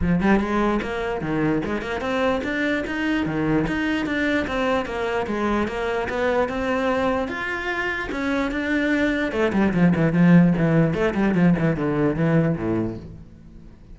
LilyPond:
\new Staff \with { instrumentName = "cello" } { \time 4/4 \tempo 4 = 148 f8 g8 gis4 ais4 dis4 | gis8 ais8 c'4 d'4 dis'4 | dis4 dis'4 d'4 c'4 | ais4 gis4 ais4 b4 |
c'2 f'2 | cis'4 d'2 a8 g8 | f8 e8 f4 e4 a8 g8 | f8 e8 d4 e4 a,4 | }